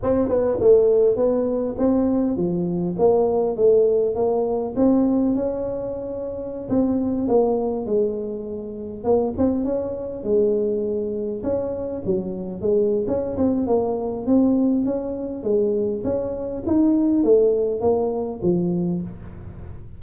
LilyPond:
\new Staff \with { instrumentName = "tuba" } { \time 4/4 \tempo 4 = 101 c'8 b8 a4 b4 c'4 | f4 ais4 a4 ais4 | c'4 cis'2~ cis'16 c'8.~ | c'16 ais4 gis2 ais8 c'16~ |
c'16 cis'4 gis2 cis'8.~ | cis'16 fis4 gis8. cis'8 c'8 ais4 | c'4 cis'4 gis4 cis'4 | dis'4 a4 ais4 f4 | }